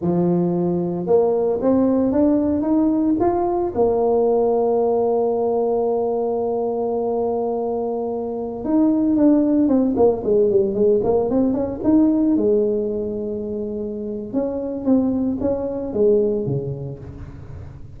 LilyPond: \new Staff \with { instrumentName = "tuba" } { \time 4/4 \tempo 4 = 113 f2 ais4 c'4 | d'4 dis'4 f'4 ais4~ | ais1~ | ais1~ |
ais16 dis'4 d'4 c'8 ais8 gis8 g16~ | g16 gis8 ais8 c'8 cis'8 dis'4 gis8.~ | gis2. cis'4 | c'4 cis'4 gis4 cis4 | }